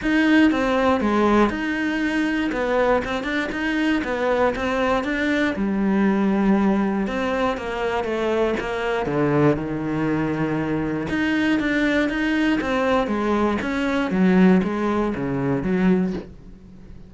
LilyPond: \new Staff \with { instrumentName = "cello" } { \time 4/4 \tempo 4 = 119 dis'4 c'4 gis4 dis'4~ | dis'4 b4 c'8 d'8 dis'4 | b4 c'4 d'4 g4~ | g2 c'4 ais4 |
a4 ais4 d4 dis4~ | dis2 dis'4 d'4 | dis'4 c'4 gis4 cis'4 | fis4 gis4 cis4 fis4 | }